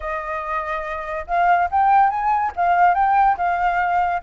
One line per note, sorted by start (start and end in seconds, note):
0.00 1.26 D#5
1.27 1.69 F5
1.71 2.09 G5
2.09 2.51 G#5
2.56 2.94 F5
2.94 3.36 G5
3.37 4.22 F5